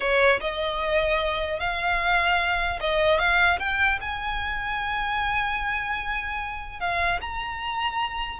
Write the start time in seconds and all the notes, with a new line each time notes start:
0.00 C#5
0.40 D#5
1.59 F5
2.80 D#5
3.18 F5
3.59 G5
4.00 G#5
6.79 F5
7.21 A#5